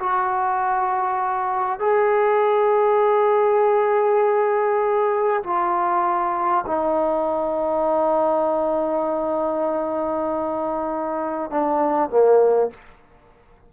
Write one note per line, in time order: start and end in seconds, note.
0.00 1.80 F#4
1.80 5.43 G#4
5.44 6.65 F4
6.67 11.51 D#4
11.51 12.10 D4
12.10 12.71 A#3